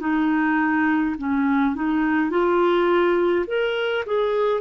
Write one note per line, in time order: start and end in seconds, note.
0.00 1.15 D#4
1.17 1.75 C#4
1.75 2.30 D#4
2.30 3.46 F4
3.47 4.04 A#4
4.06 4.61 G#4